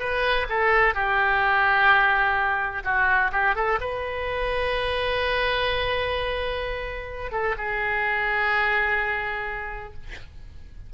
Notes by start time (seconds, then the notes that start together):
0.00 B4
0.50 A4
0.95 G4
2.85 F#4
3.32 G4
3.56 A4
3.81 B4
7.32 A4
7.58 G#4